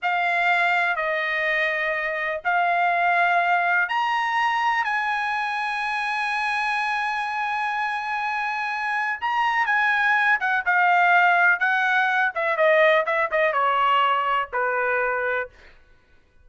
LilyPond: \new Staff \with { instrumentName = "trumpet" } { \time 4/4 \tempo 4 = 124 f''2 dis''2~ | dis''4 f''2. | ais''2 gis''2~ | gis''1~ |
gis''2. ais''4 | gis''4. fis''8 f''2 | fis''4. e''8 dis''4 e''8 dis''8 | cis''2 b'2 | }